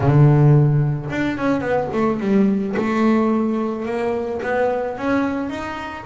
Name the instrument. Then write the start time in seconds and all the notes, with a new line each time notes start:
double bass
0.00 D3
1.10 D4
1.37 C#4
1.60 B3
1.93 A3
2.19 G3
2.76 A3
3.85 A#3
4.42 B3
4.97 C#4
5.49 D#4